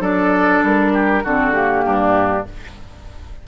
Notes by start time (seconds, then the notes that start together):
0.00 F#3 D4 A4 D5
0.63 G3 A#4
0.93 G4
1.23 D3 C4 F#4 A4
1.53 A#3 G4
1.85 G2 D4